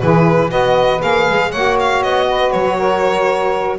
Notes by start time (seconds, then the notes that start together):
0.00 E3 E4 G#4 B4
0.49 B3 F#4 B4 D#5
1.00 A#3 G#4 F5
1.29 G#3
1.50 A#3 F#4 C#5 F#5
1.80 F5
2.03 B3 D#5
2.29 B4
2.52 F#3 C#5
2.77 A#4